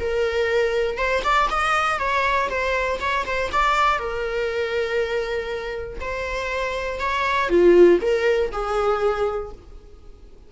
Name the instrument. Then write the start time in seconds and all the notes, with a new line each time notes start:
viola
0.00 A#4
0.98 C5
1.24 D5
1.50 D#5
1.99 C#5
2.50 C5
3.00 C#5
3.26 C5
3.52 D5
3.99 A#4
6.01 C5
7.00 C#5
7.49 F4
8.02 A#4
8.52 G#4